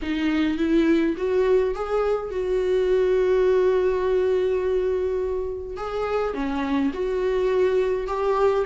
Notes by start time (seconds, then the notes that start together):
0.02 D#4
0.57 E4
1.17 F#4
1.75 G#4
2.30 F#4
5.77 G#4
6.33 C#4
6.93 F#4
8.07 G4